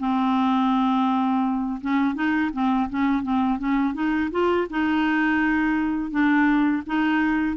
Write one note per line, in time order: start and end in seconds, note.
0.00 1.81 C4
1.82 2.15 C#4
2.15 2.51 D#4
2.53 2.89 C4
2.90 3.23 C#4
3.23 3.59 C4
3.59 3.95 C#4
3.95 4.31 D#4
4.32 4.68 F4
4.71 6.11 D#4
6.11 6.83 D4
6.87 7.57 D#4